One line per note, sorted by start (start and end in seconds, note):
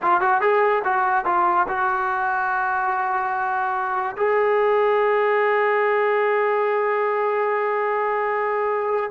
0.02 0.20 F4
0.20 0.41 F#4
0.41 0.82 G#4
0.84 1.25 F#4
1.25 1.66 F4
1.68 4.16 F#4
4.17 9.10 G#4